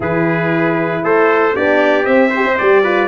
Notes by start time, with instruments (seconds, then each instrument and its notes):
0.00 tuba E3, horn E4, trumpet G#4 B4
1.03 tuba A3, trumpet A4 C5
1.55 tuba B3, horn D4, trumpet G4 D5
2.04 horn C4, tuba C4, trumpet E5
2.29 horn G4, trumpet C5
2.44 horn C4
2.57 tuba G3, horn G4, trumpet D5
2.83 horn F4, trumpet B4